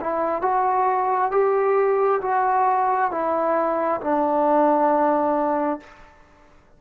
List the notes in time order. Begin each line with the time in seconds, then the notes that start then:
0.00 E4
0.41 F#4
1.31 G4
2.21 F#4
3.11 E4
4.01 D4